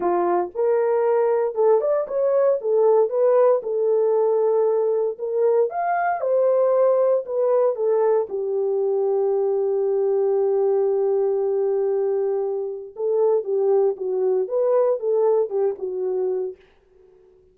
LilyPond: \new Staff \with { instrumentName = "horn" } { \time 4/4 \tempo 4 = 116 f'4 ais'2 a'8 d''8 | cis''4 a'4 b'4 a'4~ | a'2 ais'4 f''4 | c''2 b'4 a'4 |
g'1~ | g'1~ | g'4 a'4 g'4 fis'4 | b'4 a'4 g'8 fis'4. | }